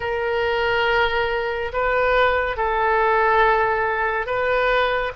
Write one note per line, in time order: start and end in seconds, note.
0.00 1.71 A#4
1.72 2.56 B4
2.56 4.26 A4
4.26 5.12 B4